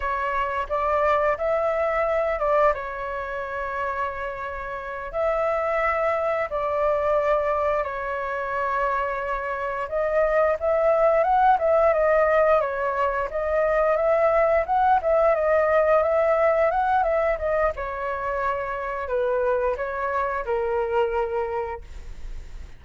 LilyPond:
\new Staff \with { instrumentName = "flute" } { \time 4/4 \tempo 4 = 88 cis''4 d''4 e''4. d''8 | cis''2.~ cis''8 e''8~ | e''4. d''2 cis''8~ | cis''2~ cis''8 dis''4 e''8~ |
e''8 fis''8 e''8 dis''4 cis''4 dis''8~ | dis''8 e''4 fis''8 e''8 dis''4 e''8~ | e''8 fis''8 e''8 dis''8 cis''2 | b'4 cis''4 ais'2 | }